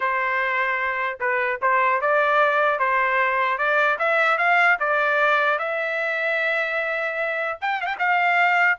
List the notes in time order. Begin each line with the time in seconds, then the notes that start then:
0.00 C5
1.19 B4
1.61 C5
2.01 D5
2.79 C5
3.58 D5
3.99 E5
4.37 F5
4.79 D5
5.59 E5
7.61 G5
7.81 F5 G5
7.99 F5